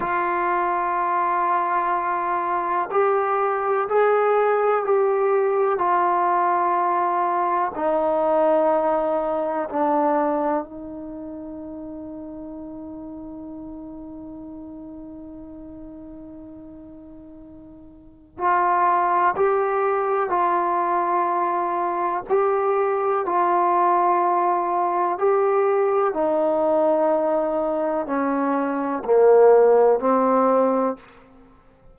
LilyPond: \new Staff \with { instrumentName = "trombone" } { \time 4/4 \tempo 4 = 62 f'2. g'4 | gis'4 g'4 f'2 | dis'2 d'4 dis'4~ | dis'1~ |
dis'2. f'4 | g'4 f'2 g'4 | f'2 g'4 dis'4~ | dis'4 cis'4 ais4 c'4 | }